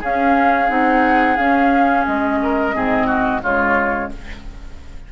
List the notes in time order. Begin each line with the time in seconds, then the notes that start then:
0.00 C#4 G#4 F5
0.68 C4 D#4 F#5
1.37 C#4 F5
2.06 G#3 D#5
2.43 A#4
2.73 G#2 C4 G#4
3.07 F#4
3.43 C#3 G#3 F4 C#5